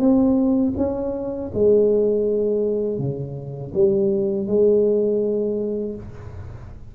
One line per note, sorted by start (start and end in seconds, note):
0.00 0.74 C4
0.78 1.52 C#4
1.55 2.99 G#3
2.99 3.73 C#3
3.75 4.47 G3
4.47 5.96 G#3